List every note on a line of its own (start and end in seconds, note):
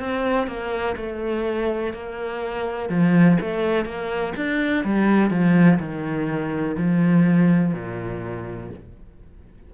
0.00 0.48 C4
0.48 0.96 A#3
0.97 1.94 A3
1.94 2.89 A#3
2.89 3.38 F3
3.41 3.85 A3
3.85 4.34 A#3
4.37 4.85 D4
4.85 5.30 G3
5.30 5.79 F3
5.79 6.76 D#3
6.77 7.74 F3
7.74 8.71 A#2